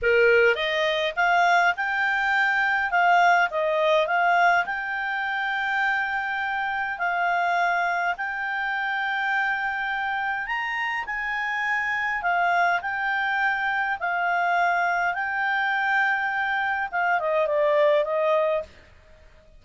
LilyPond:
\new Staff \with { instrumentName = "clarinet" } { \time 4/4 \tempo 4 = 103 ais'4 dis''4 f''4 g''4~ | g''4 f''4 dis''4 f''4 | g''1 | f''2 g''2~ |
g''2 ais''4 gis''4~ | gis''4 f''4 g''2 | f''2 g''2~ | g''4 f''8 dis''8 d''4 dis''4 | }